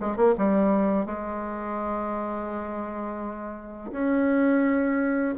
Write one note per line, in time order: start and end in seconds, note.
0.00 0.17 G#3
0.17 0.34 A#3
0.38 1.06 G3
1.06 3.91 G#3
3.91 5.34 C#4